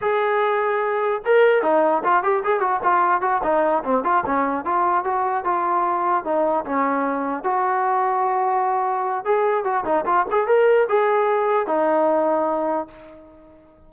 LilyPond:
\new Staff \with { instrumentName = "trombone" } { \time 4/4 \tempo 4 = 149 gis'2. ais'4 | dis'4 f'8 g'8 gis'8 fis'8 f'4 | fis'8 dis'4 c'8 f'8 cis'4 f'8~ | f'8 fis'4 f'2 dis'8~ |
dis'8 cis'2 fis'4.~ | fis'2. gis'4 | fis'8 dis'8 f'8 gis'8 ais'4 gis'4~ | gis'4 dis'2. | }